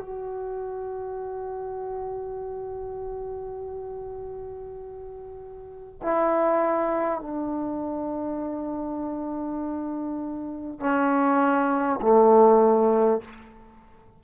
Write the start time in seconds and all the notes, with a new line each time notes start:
0.00 F#4
6.02 E4
7.20 D4
10.79 C#4
12.01 A3